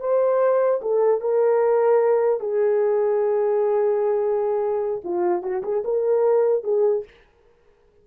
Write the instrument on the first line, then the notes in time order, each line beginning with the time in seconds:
horn
0.00 C5
0.82 A4
1.21 A#4
2.40 G#4
5.04 F4
5.42 F#4
5.63 G#4
5.85 A#4
6.64 G#4